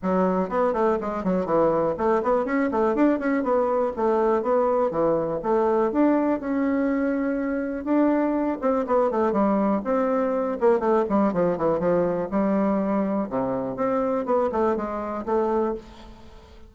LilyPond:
\new Staff \with { instrumentName = "bassoon" } { \time 4/4 \tempo 4 = 122 fis4 b8 a8 gis8 fis8 e4 | a8 b8 cis'8 a8 d'8 cis'8 b4 | a4 b4 e4 a4 | d'4 cis'2. |
d'4. c'8 b8 a8 g4 | c'4. ais8 a8 g8 f8 e8 | f4 g2 c4 | c'4 b8 a8 gis4 a4 | }